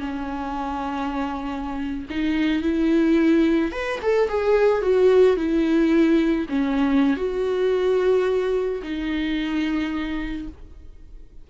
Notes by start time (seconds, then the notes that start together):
0.00 C#4
2.10 D#4
2.63 E4
3.72 B4
4.03 A4
4.29 G#4
4.82 F#4
5.37 E4
6.49 C#4
7.17 F#4
8.83 D#4